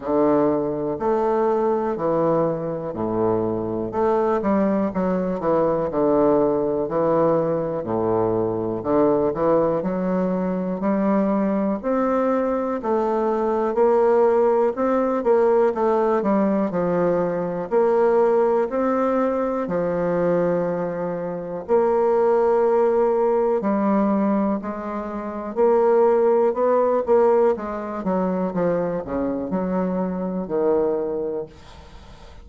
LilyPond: \new Staff \with { instrumentName = "bassoon" } { \time 4/4 \tempo 4 = 61 d4 a4 e4 a,4 | a8 g8 fis8 e8 d4 e4 | a,4 d8 e8 fis4 g4 | c'4 a4 ais4 c'8 ais8 |
a8 g8 f4 ais4 c'4 | f2 ais2 | g4 gis4 ais4 b8 ais8 | gis8 fis8 f8 cis8 fis4 dis4 | }